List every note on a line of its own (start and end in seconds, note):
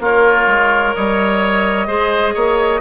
0.00 0.47 A#3
0.00 0.95 F4
0.00 1.87 A#4
0.00 0.95 C#5
0.47 0.94 G#3
0.95 1.88 G3
0.95 1.87 C#5
0.95 2.81 D#5
1.87 2.34 G#3
1.87 2.81 G#4
1.87 2.34 C5
2.34 2.81 A#3
2.34 2.81 C#5